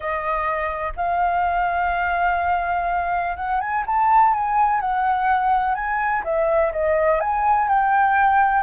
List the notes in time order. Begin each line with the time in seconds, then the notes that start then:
0.00 D#5
0.96 F5
3.36 F#5
3.60 G#5
3.86 A5
4.33 G#5
4.80 F#5
5.74 G#5
6.24 E5
6.72 D#5
7.20 G#5
7.68 G5